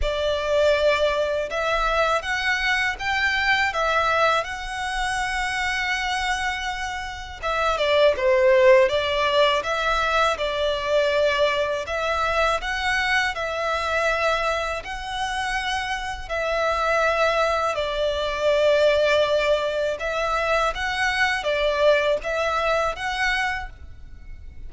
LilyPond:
\new Staff \with { instrumentName = "violin" } { \time 4/4 \tempo 4 = 81 d''2 e''4 fis''4 | g''4 e''4 fis''2~ | fis''2 e''8 d''8 c''4 | d''4 e''4 d''2 |
e''4 fis''4 e''2 | fis''2 e''2 | d''2. e''4 | fis''4 d''4 e''4 fis''4 | }